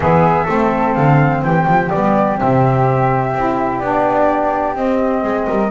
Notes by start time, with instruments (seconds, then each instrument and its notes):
0.00 double bass E3, saxophone B3, flute G#4 E5
0.43 double bass A3, saxophone C4, flute A4
0.94 double bass D3, flute F5
1.42 double bass E3, flute G4 G5
1.66 double bass F3
1.89 double bass G3, saxophone B3, flute D5
2.37 double bass C3, saxophone C4, flute E5
3.34 double bass C4, saxophone E4
3.78 double bass B3, saxophone D4, flute D5
4.74 saxophone C4, double bass C4, flute D#5
5.22 double bass G#3, flute G#4
5.47 double bass G3, flute A#4